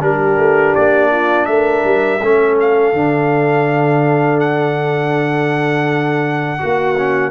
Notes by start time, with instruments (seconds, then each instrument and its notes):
0.00 tuba G3, trombone D4, horn G4, trumpet A#4
0.37 tuba A3
0.75 tuba A#3, trumpet D5
1.11 horn F4
1.46 tuba A3, horn A#4, trumpet E5
1.84 tuba G3
2.21 tuba A3, trombone C#4, horn A4
2.60 trumpet F5
2.93 tuba D3, trombone D4
4.40 trumpet F#5
6.59 tuba A#3, trombone F#4, horn F#4
6.97 trombone C#4